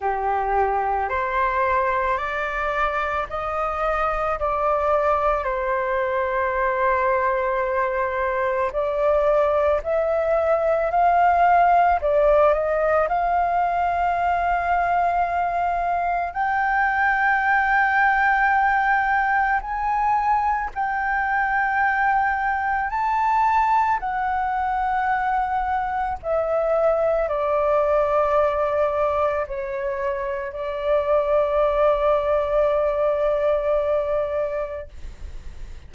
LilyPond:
\new Staff \with { instrumentName = "flute" } { \time 4/4 \tempo 4 = 55 g'4 c''4 d''4 dis''4 | d''4 c''2. | d''4 e''4 f''4 d''8 dis''8 | f''2. g''4~ |
g''2 gis''4 g''4~ | g''4 a''4 fis''2 | e''4 d''2 cis''4 | d''1 | }